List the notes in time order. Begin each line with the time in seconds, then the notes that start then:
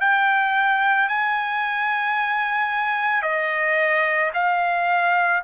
0.00 G5
1.09 G#5
3.22 D#5
4.33 F5